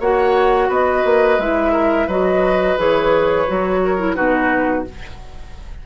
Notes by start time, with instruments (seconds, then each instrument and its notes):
0.00 bassoon A#3, clarinet F#4, oboe C#5, flute F#5
0.69 bassoon B3, oboe B4, flute D#5
1.05 bassoon A#3
1.38 bassoon G#3, clarinet E4, flute E5
1.73 oboe A#4
2.07 bassoon F#3, clarinet F#4, oboe B4, flute D#5
2.78 bassoon E3, clarinet G#4, flute C#5
3.47 bassoon F#3, clarinet F#4
3.84 oboe A#4
3.99 clarinet E4
4.16 bassoon B2, clarinet D#4, oboe F#4, flute B4